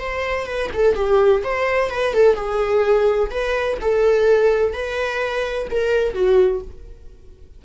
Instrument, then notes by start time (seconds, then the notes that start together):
viola
0.00 C5
0.47 B4
0.74 A4
0.96 G4
1.44 C5
1.90 B4
2.14 A4
2.36 G#4
3.31 B4
3.82 A4
4.74 B4
5.71 A#4
6.15 F#4